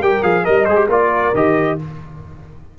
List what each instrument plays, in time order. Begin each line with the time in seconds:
0.00 tuba G3, trombone G4, horn A#4, trumpet G5
0.23 tuba F3, trombone G#4, trumpet F5
0.45 tuba G3, trombone A#4, trumpet D#5, horn D#5
0.65 tuba G#3, trombone G#4, trumpet C5
0.76 trombone G4
0.88 tuba A#3, trombone F4, horn A#4, trumpet D5
1.34 tuba D#3, trombone G4, trumpet D#5